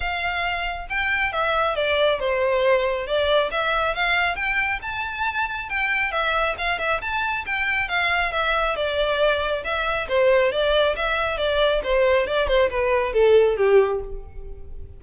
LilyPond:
\new Staff \with { instrumentName = "violin" } { \time 4/4 \tempo 4 = 137 f''2 g''4 e''4 | d''4 c''2 d''4 | e''4 f''4 g''4 a''4~ | a''4 g''4 e''4 f''8 e''8 |
a''4 g''4 f''4 e''4 | d''2 e''4 c''4 | d''4 e''4 d''4 c''4 | d''8 c''8 b'4 a'4 g'4 | }